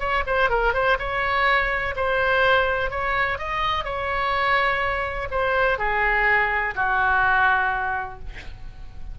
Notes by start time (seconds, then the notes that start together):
0.00 C#5
0.27 C5
0.50 A#4
0.74 C5
0.99 C#5
1.97 C5
2.91 C#5
3.39 D#5
3.85 C#5
5.31 C5
5.79 G#4
6.76 F#4